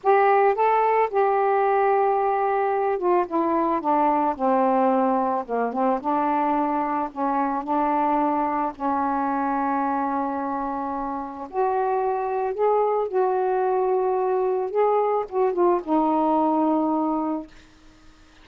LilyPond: \new Staff \with { instrumentName = "saxophone" } { \time 4/4 \tempo 4 = 110 g'4 a'4 g'2~ | g'4. f'8 e'4 d'4 | c'2 ais8 c'8 d'4~ | d'4 cis'4 d'2 |
cis'1~ | cis'4 fis'2 gis'4 | fis'2. gis'4 | fis'8 f'8 dis'2. | }